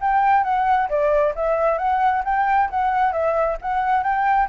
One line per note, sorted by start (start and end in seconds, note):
0.00 0.43 G5
0.43 0.88 F#5
0.89 1.34 D5
1.35 1.78 E5
1.78 2.23 F#5
2.24 2.69 G5
2.70 3.12 F#5
3.12 3.57 E5
3.61 4.03 F#5
4.03 4.48 G5